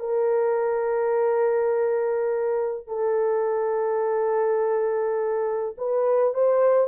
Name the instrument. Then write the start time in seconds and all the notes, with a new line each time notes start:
horn
0.00 A#4
2.87 A4
5.78 B4
6.34 C5